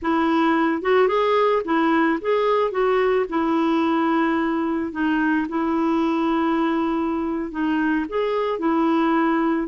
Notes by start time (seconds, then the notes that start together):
0.01 E4
0.82 F#4
1.08 G#4
1.64 E4
2.21 G#4
2.71 F#4
3.29 E4
4.92 D#4
5.48 E4
7.51 D#4
8.09 G#4
8.58 E4